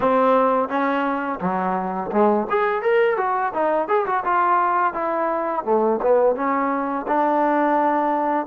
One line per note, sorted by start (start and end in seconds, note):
0.00 0.69 C4
0.69 1.39 C#4
1.40 2.10 F#3
2.11 2.47 G#3
2.49 2.82 G#4
2.82 3.17 A#4
3.17 3.52 F#4
3.53 3.88 D#4
3.88 4.05 G#4
4.06 4.23 F#4
4.24 4.93 F4
4.93 5.64 E4
5.64 5.99 A3
6.02 6.35 B3
6.35 7.06 C#4
7.07 8.46 D4